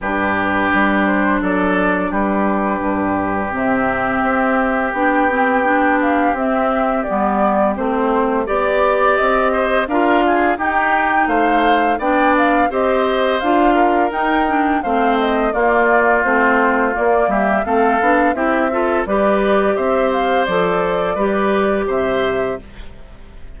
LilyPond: <<
  \new Staff \with { instrumentName = "flute" } { \time 4/4 \tempo 4 = 85 b'4. c''8 d''4 b'4~ | b'4 e''2 g''4~ | g''8 f''8 e''4 d''4 c''4 | d''4 dis''4 f''4 g''4 |
f''4 g''8 f''8 dis''4 f''4 | g''4 f''8 dis''8 d''4 c''4 | d''8 e''8 f''4 e''4 d''4 | e''8 f''8 d''2 e''4 | }
  \new Staff \with { instrumentName = "oboe" } { \time 4/4 g'2 a'4 g'4~ | g'1~ | g'1 | d''4. c''8 ais'8 gis'8 g'4 |
c''4 d''4 c''4. ais'8~ | ais'4 c''4 f'2~ | f'8 g'8 a'4 g'8 a'8 b'4 | c''2 b'4 c''4 | }
  \new Staff \with { instrumentName = "clarinet" } { \time 4/4 d'1~ | d'4 c'2 d'8 c'8 | d'4 c'4 b4 c'4 | g'2 f'4 dis'4~ |
dis'4 d'4 g'4 f'4 | dis'8 d'8 c'4 ais4 c'4 | ais4 c'8 d'8 e'8 f'8 g'4~ | g'4 a'4 g'2 | }
  \new Staff \with { instrumentName = "bassoon" } { \time 4/4 g,4 g4 fis4 g4 | g,4 c4 c'4 b4~ | b4 c'4 g4 a4 | b4 c'4 d'4 dis'4 |
a4 b4 c'4 d'4 | dis'4 a4 ais4 a4 | ais8 g8 a8 b8 c'4 g4 | c'4 f4 g4 c4 | }
>>